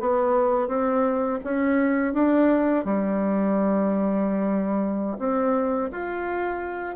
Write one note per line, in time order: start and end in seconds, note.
0.00 0.68 B3
0.68 1.39 C4
1.44 2.13 C#4
2.13 2.84 D4
2.85 5.17 G3
5.19 5.90 C4
5.92 6.95 F4